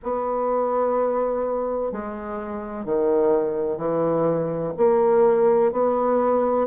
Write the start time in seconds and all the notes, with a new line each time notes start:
0.03 B3
1.92 G#3
2.85 D#3
3.77 E3
4.77 A#3
5.71 B3